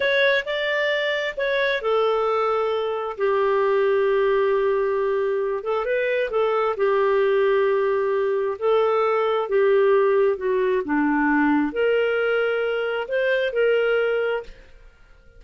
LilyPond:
\new Staff \with { instrumentName = "clarinet" } { \time 4/4 \tempo 4 = 133 cis''4 d''2 cis''4 | a'2. g'4~ | g'1~ | g'8 a'8 b'4 a'4 g'4~ |
g'2. a'4~ | a'4 g'2 fis'4 | d'2 ais'2~ | ais'4 c''4 ais'2 | }